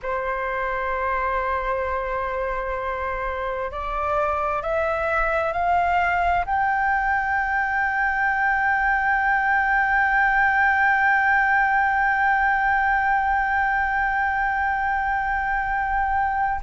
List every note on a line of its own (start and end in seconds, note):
0.02 3.71 C5
3.71 4.62 D5
4.62 5.52 E5
5.52 6.44 F5
6.45 16.61 G5